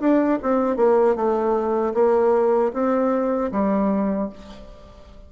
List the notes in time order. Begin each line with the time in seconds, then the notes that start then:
0.00 D4
0.43 C4
0.77 A#3
1.16 A3
1.94 A#3
2.73 C4
3.52 G3